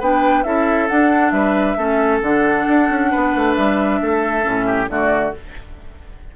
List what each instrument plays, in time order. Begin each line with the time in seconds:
0.00 bassoon B3, clarinet D4, oboe B4, flute G5
0.44 bassoon C#4, clarinet E4, oboe A4, flute E5
0.88 clarinet D4, bassoon D4, flute F#5
1.31 bassoon G3, oboe B4, flute E5
1.77 bassoon A3, clarinet C#4, oboe A4
2.22 bassoon D3, clarinet D4, flute F#5
2.68 bassoon D4
2.90 bassoon C#4
3.11 bassoon B3, oboe B4
3.35 bassoon A3
3.55 bassoon G3, flute E5
4.01 bassoon A3, oboe A4
4.43 bassoon A2, clarinet C#4
4.66 oboe G4
4.88 bassoon D3, clarinet A3, oboe F#4, flute D5